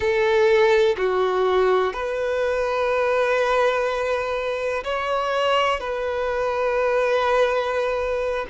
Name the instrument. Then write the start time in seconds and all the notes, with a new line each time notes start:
violin
0.00 A4
0.97 F#4
1.93 B4
4.83 C#5
5.80 B4